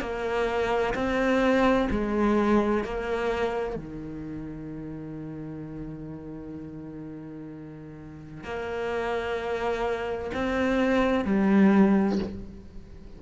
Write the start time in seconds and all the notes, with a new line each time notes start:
0.00 A#3
0.94 C4
1.90 G#3
2.84 A#3
3.76 D#3
8.43 A#3
10.34 C4
11.25 G3